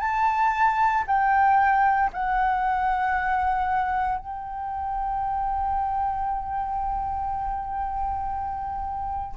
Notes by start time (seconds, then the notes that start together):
0.00 A5
1.07 G5
2.13 F#5
4.18 G5